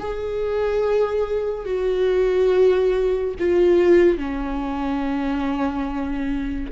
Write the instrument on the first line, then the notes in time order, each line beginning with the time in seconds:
viola
0.00 G#4
1.66 F#4
3.40 F4
4.18 C#4